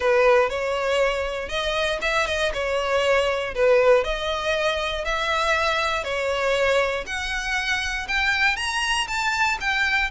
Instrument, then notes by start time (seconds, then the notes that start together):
violin
0.00 B4
0.49 C#5
1.48 D#5
2.01 E5
2.26 D#5
2.53 C#5
3.54 B4
4.04 D#5
5.04 E5
6.03 C#5
7.06 F#5
8.08 G5
8.56 A#5
9.07 A5
9.60 G5